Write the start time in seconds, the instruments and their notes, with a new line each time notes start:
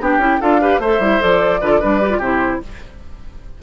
0.00 bassoon B3, clarinet D4, oboe G4, flute G5
0.17 bassoon C#4, clarinet E4
0.40 bassoon D4, clarinet F4, oboe A4, flute F5
0.61 clarinet G4, oboe B4
0.78 bassoon A3, clarinet A4, oboe C5, flute E5
0.99 bassoon G3, clarinet E4
1.20 bassoon F3, clarinet A4, flute D5
1.60 bassoon D3, clarinet F4, oboe B4
1.70 oboe A4
1.79 bassoon G3, clarinet D4, oboe B4
2.01 clarinet G4
2.10 clarinet F4
2.18 bassoon C3, clarinet E4, oboe G4, flute C5